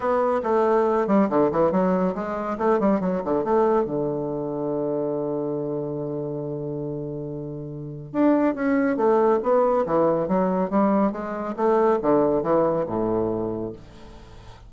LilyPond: \new Staff \with { instrumentName = "bassoon" } { \time 4/4 \tempo 4 = 140 b4 a4. g8 d8 e8 | fis4 gis4 a8 g8 fis8 d8 | a4 d2.~ | d1~ |
d2. d'4 | cis'4 a4 b4 e4 | fis4 g4 gis4 a4 | d4 e4 a,2 | }